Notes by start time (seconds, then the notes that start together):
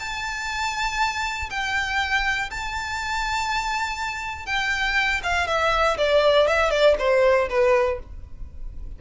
0.00 A5
1.51 G5
2.51 A5
4.47 G5
5.24 F5
5.47 E5
5.98 D5
6.48 E5
6.71 D5
6.99 C5
7.50 B4